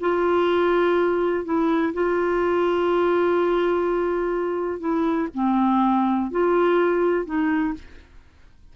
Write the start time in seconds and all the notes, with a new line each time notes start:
0.00 F4
1.44 E4
1.93 F4
4.80 E4
5.34 C4
6.31 F4
7.25 D#4